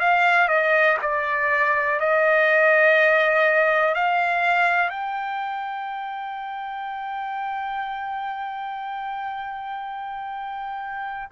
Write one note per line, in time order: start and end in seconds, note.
0.00 0.48 F5
0.48 0.97 D#5
1.02 2.00 D5
2.00 3.95 D#5
3.95 4.90 F5
4.90 11.29 G5